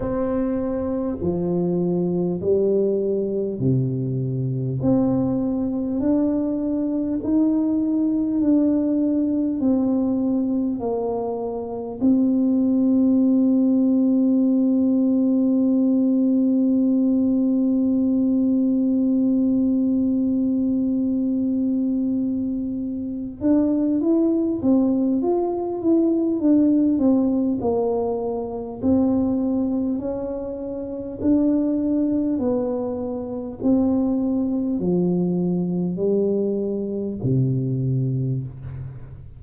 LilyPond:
\new Staff \with { instrumentName = "tuba" } { \time 4/4 \tempo 4 = 50 c'4 f4 g4 c4 | c'4 d'4 dis'4 d'4 | c'4 ais4 c'2~ | c'1~ |
c'2.~ c'8 d'8 | e'8 c'8 f'8 e'8 d'8 c'8 ais4 | c'4 cis'4 d'4 b4 | c'4 f4 g4 c4 | }